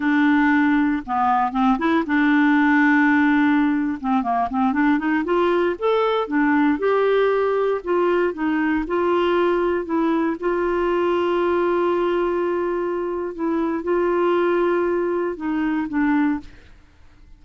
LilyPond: \new Staff \with { instrumentName = "clarinet" } { \time 4/4 \tempo 4 = 117 d'2 b4 c'8 e'8 | d'2.~ d'8. c'16~ | c'16 ais8 c'8 d'8 dis'8 f'4 a'8.~ | a'16 d'4 g'2 f'8.~ |
f'16 dis'4 f'2 e'8.~ | e'16 f'2.~ f'8.~ | f'2 e'4 f'4~ | f'2 dis'4 d'4 | }